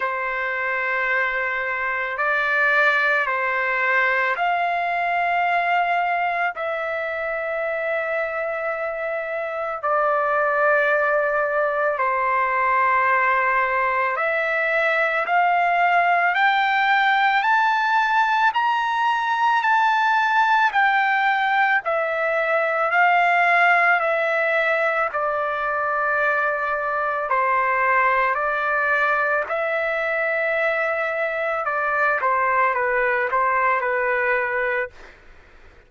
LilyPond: \new Staff \with { instrumentName = "trumpet" } { \time 4/4 \tempo 4 = 55 c''2 d''4 c''4 | f''2 e''2~ | e''4 d''2 c''4~ | c''4 e''4 f''4 g''4 |
a''4 ais''4 a''4 g''4 | e''4 f''4 e''4 d''4~ | d''4 c''4 d''4 e''4~ | e''4 d''8 c''8 b'8 c''8 b'4 | }